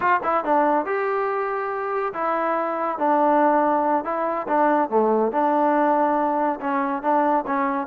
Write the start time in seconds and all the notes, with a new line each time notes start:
0.00 F4
0.23 E4
0.44 D4
0.85 G4
2.13 E4
2.98 D4
4.04 E4
4.47 D4
4.89 A3
5.32 D4
6.60 C#4
7.02 D4
7.46 C#4